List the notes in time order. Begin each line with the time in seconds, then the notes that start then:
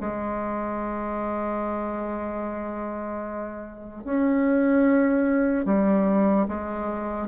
0.00 G#3
4.04 C#4
5.66 G3
6.48 G#3